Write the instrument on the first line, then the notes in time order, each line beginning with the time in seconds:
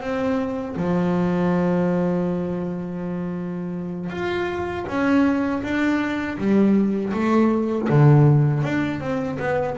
double bass
0.00 C4
0.76 F3
4.10 F4
4.87 C#4
5.62 D4
6.38 G3
7.13 A3
7.89 D3
8.63 D4
9.00 C4
9.39 B3